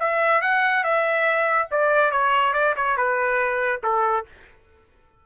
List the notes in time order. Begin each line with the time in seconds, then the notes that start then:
0.00 E5
0.41 F#5
0.84 E5
1.71 D5
2.11 C#5
2.54 D5
2.76 C#5
2.97 B4
3.84 A4